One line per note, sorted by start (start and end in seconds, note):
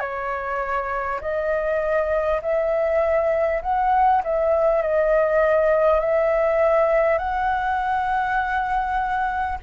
0.00 1.20 C#5
1.22 2.42 D#5
2.42 3.62 E5
3.63 4.23 F#5
4.24 4.82 E5
4.82 6.00 D#5
6.00 7.18 E5
7.18 9.58 F#5